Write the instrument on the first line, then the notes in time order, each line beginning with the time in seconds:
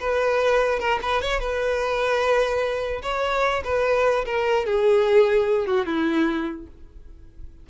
violin
0.00 B4
0.79 A#4
1.02 B4
1.22 C#5
1.40 B4
3.02 C#5
3.64 B4
4.26 A#4
4.66 G#4
5.67 F#4
5.86 E4